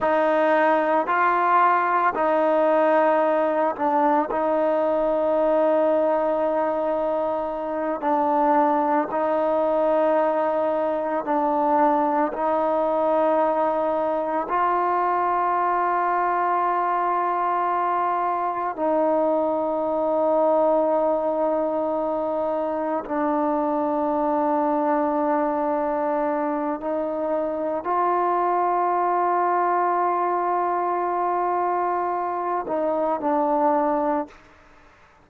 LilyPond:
\new Staff \with { instrumentName = "trombone" } { \time 4/4 \tempo 4 = 56 dis'4 f'4 dis'4. d'8 | dis'2.~ dis'8 d'8~ | d'8 dis'2 d'4 dis'8~ | dis'4. f'2~ f'8~ |
f'4. dis'2~ dis'8~ | dis'4. d'2~ d'8~ | d'4 dis'4 f'2~ | f'2~ f'8 dis'8 d'4 | }